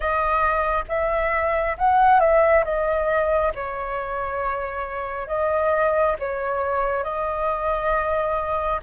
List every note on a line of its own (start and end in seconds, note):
0.00 0.84 D#5
0.88 1.76 E5
1.78 2.20 F#5
2.20 2.64 E5
2.64 3.52 D#5
3.55 5.27 C#5
5.27 6.15 D#5
6.19 7.03 C#5
7.03 8.80 D#5